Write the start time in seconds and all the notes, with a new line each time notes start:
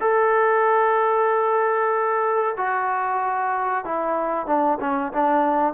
0.00 A4
2.57 F#4
3.84 E4
4.46 D4
4.80 C#4
5.12 D4